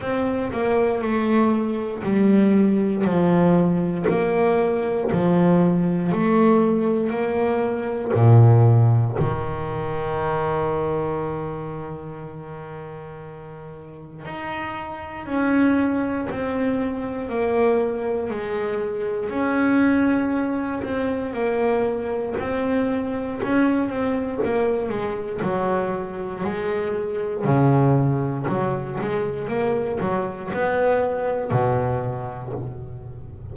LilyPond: \new Staff \with { instrumentName = "double bass" } { \time 4/4 \tempo 4 = 59 c'8 ais8 a4 g4 f4 | ais4 f4 a4 ais4 | ais,4 dis2.~ | dis2 dis'4 cis'4 |
c'4 ais4 gis4 cis'4~ | cis'8 c'8 ais4 c'4 cis'8 c'8 | ais8 gis8 fis4 gis4 cis4 | fis8 gis8 ais8 fis8 b4 b,4 | }